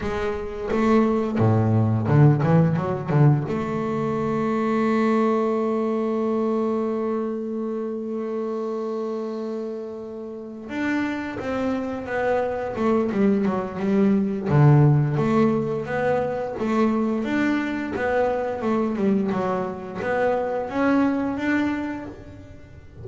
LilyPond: \new Staff \with { instrumentName = "double bass" } { \time 4/4 \tempo 4 = 87 gis4 a4 a,4 d8 e8 | fis8 d8 a2.~ | a1~ | a2.~ a8 d'8~ |
d'8 c'4 b4 a8 g8 fis8 | g4 d4 a4 b4 | a4 d'4 b4 a8 g8 | fis4 b4 cis'4 d'4 | }